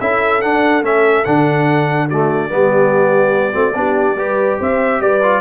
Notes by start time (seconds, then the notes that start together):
0.00 C#4 E4 A4 E5
0.41 D4 F#5
0.82 A3 C#4 E5
1.24 D3 D4 F#5
2.07 A3 F#4 D5
2.48 G3 B3 G4
3.53 A3 C4 F#4
3.75 B3 D4 G4
4.16 G3 G4 B4
4.59 C4 C5 E5
5.00 G3 B4 D5
5.23 F4